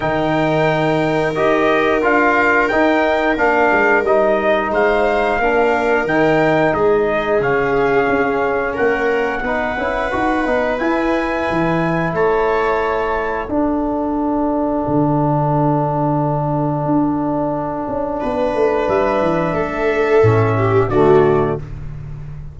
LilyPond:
<<
  \new Staff \with { instrumentName = "trumpet" } { \time 4/4 \tempo 4 = 89 g''2 dis''4 f''4 | g''4 f''4 dis''4 f''4~ | f''4 g''4 dis''4 f''4~ | f''4 fis''2. |
gis''2 a''2 | fis''1~ | fis''1 | e''2. d''4 | }
  \new Staff \with { instrumentName = "viola" } { \time 4/4 ais'1~ | ais'2. c''4 | ais'2 gis'2~ | gis'4 ais'4 b'2~ |
b'2 cis''2 | a'1~ | a'2. b'4~ | b'4 a'4. g'8 fis'4 | }
  \new Staff \with { instrumentName = "trombone" } { \time 4/4 dis'2 g'4 f'4 | dis'4 d'4 dis'2 | d'4 dis'2 cis'4~ | cis'2 dis'8 e'8 fis'8 dis'8 |
e'1 | d'1~ | d'1~ | d'2 cis'4 a4 | }
  \new Staff \with { instrumentName = "tuba" } { \time 4/4 dis2 dis'4 d'4 | dis'4 ais8 gis8 g4 gis4 | ais4 dis4 gis4 cis4 | cis'4 ais4 b8 cis'8 dis'8 b8 |
e'4 e4 a2 | d'2 d2~ | d4 d'4. cis'8 b8 a8 | g8 e8 a4 a,4 d4 | }
>>